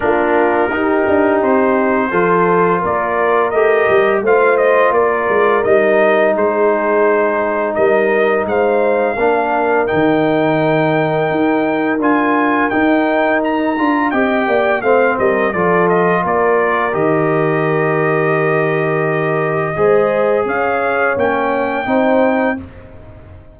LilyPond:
<<
  \new Staff \with { instrumentName = "trumpet" } { \time 4/4 \tempo 4 = 85 ais'2 c''2 | d''4 dis''4 f''8 dis''8 d''4 | dis''4 c''2 dis''4 | f''2 g''2~ |
g''4 gis''4 g''4 ais''4 | g''4 f''8 dis''8 d''8 dis''8 d''4 | dis''1~ | dis''4 f''4 g''2 | }
  \new Staff \with { instrumentName = "horn" } { \time 4/4 f'4 g'2 a'4 | ais'2 c''4 ais'4~ | ais'4 gis'2 ais'4 | c''4 ais'2.~ |
ais'1 | dis''8 d''8 c''8 ais'8 a'4 ais'4~ | ais'1 | c''4 cis''2 c''4 | }
  \new Staff \with { instrumentName = "trombone" } { \time 4/4 d'4 dis'2 f'4~ | f'4 g'4 f'2 | dis'1~ | dis'4 d'4 dis'2~ |
dis'4 f'4 dis'4. f'8 | g'4 c'4 f'2 | g'1 | gis'2 cis'4 dis'4 | }
  \new Staff \with { instrumentName = "tuba" } { \time 4/4 ais4 dis'8 d'8 c'4 f4 | ais4 a8 g8 a4 ais8 gis8 | g4 gis2 g4 | gis4 ais4 dis2 |
dis'4 d'4 dis'4. d'8 | c'8 ais8 a8 g8 f4 ais4 | dis1 | gis4 cis'4 ais4 c'4 | }
>>